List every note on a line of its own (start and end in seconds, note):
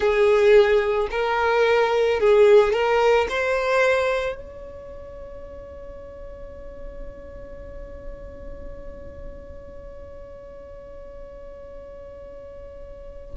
0.00 1.08 G#4
1.11 2.20 A#4
2.20 2.72 G#4
2.72 3.27 A#4
3.29 4.35 C5
4.35 13.35 C#5